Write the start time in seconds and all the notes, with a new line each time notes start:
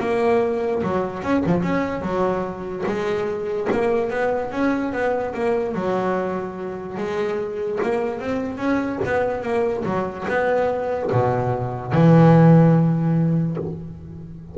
0.00 A#3
0.83 F#3
1.23 C#4
1.46 F3
1.63 C#4
2.02 F#3
2.86 G#3
3.72 A#3
4.11 B3
4.52 C#4
4.93 B3
5.34 A#3
5.75 F#3
6.98 G#3
7.83 A#3
8.20 C4
8.58 C#4
9.06 B3
9.43 A#3
9.85 F#3
10.29 B3
11.12 B2
11.93 E3